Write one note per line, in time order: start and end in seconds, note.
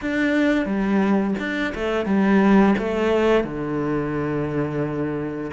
0.01 0.65 D4
0.65 1.34 G3
1.39 1.73 D4
1.75 2.05 A3
2.05 2.74 G3
2.78 3.44 A3
3.44 5.50 D3